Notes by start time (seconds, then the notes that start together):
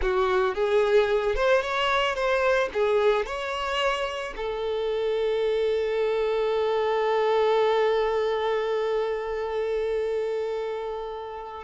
0.01 F#4
0.54 G#4
1.35 C5
1.62 C#5
2.15 C5
2.73 G#4
3.26 C#5
4.36 A4